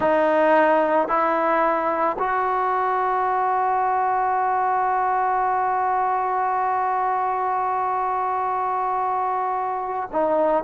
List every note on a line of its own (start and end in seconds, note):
0.00 1.08 D#4
1.08 2.17 E4
2.18 10.09 F#4
10.12 10.63 D#4